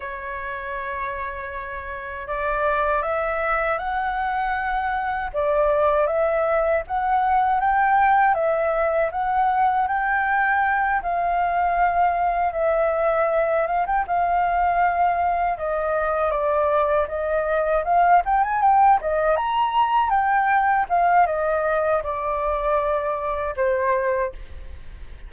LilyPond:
\new Staff \with { instrumentName = "flute" } { \time 4/4 \tempo 4 = 79 cis''2. d''4 | e''4 fis''2 d''4 | e''4 fis''4 g''4 e''4 | fis''4 g''4. f''4.~ |
f''8 e''4. f''16 g''16 f''4.~ | f''8 dis''4 d''4 dis''4 f''8 | g''16 gis''16 g''8 dis''8 ais''4 g''4 f''8 | dis''4 d''2 c''4 | }